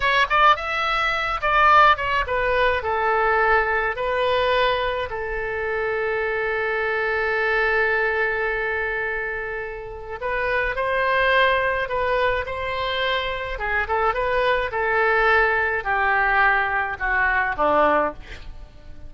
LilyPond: \new Staff \with { instrumentName = "oboe" } { \time 4/4 \tempo 4 = 106 cis''8 d''8 e''4. d''4 cis''8 | b'4 a'2 b'4~ | b'4 a'2.~ | a'1~ |
a'2 b'4 c''4~ | c''4 b'4 c''2 | gis'8 a'8 b'4 a'2 | g'2 fis'4 d'4 | }